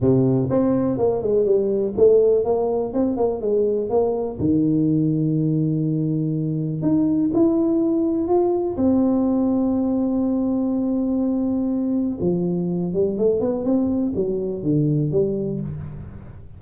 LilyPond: \new Staff \with { instrumentName = "tuba" } { \time 4/4 \tempo 4 = 123 c4 c'4 ais8 gis8 g4 | a4 ais4 c'8 ais8 gis4 | ais4 dis2.~ | dis2 dis'4 e'4~ |
e'4 f'4 c'2~ | c'1~ | c'4 f4. g8 a8 b8 | c'4 fis4 d4 g4 | }